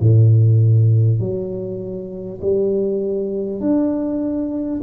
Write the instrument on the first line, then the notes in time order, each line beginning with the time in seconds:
tuba
0.00 A2
1.20 F#3
2.42 G3
3.61 D4